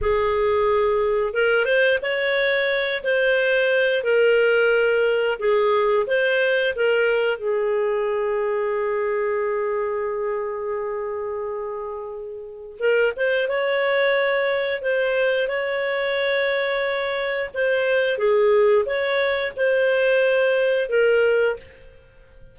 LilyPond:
\new Staff \with { instrumentName = "clarinet" } { \time 4/4 \tempo 4 = 89 gis'2 ais'8 c''8 cis''4~ | cis''8 c''4. ais'2 | gis'4 c''4 ais'4 gis'4~ | gis'1~ |
gis'2. ais'8 c''8 | cis''2 c''4 cis''4~ | cis''2 c''4 gis'4 | cis''4 c''2 ais'4 | }